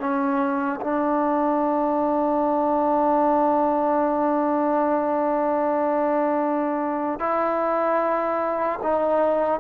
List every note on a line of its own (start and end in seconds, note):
0.00 0.80 C#4
0.81 7.20 D4
7.20 8.80 E4
8.83 9.60 D#4